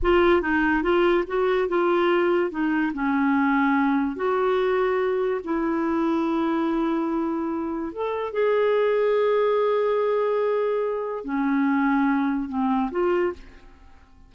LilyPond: \new Staff \with { instrumentName = "clarinet" } { \time 4/4 \tempo 4 = 144 f'4 dis'4 f'4 fis'4 | f'2 dis'4 cis'4~ | cis'2 fis'2~ | fis'4 e'2.~ |
e'2. a'4 | gis'1~ | gis'2. cis'4~ | cis'2 c'4 f'4 | }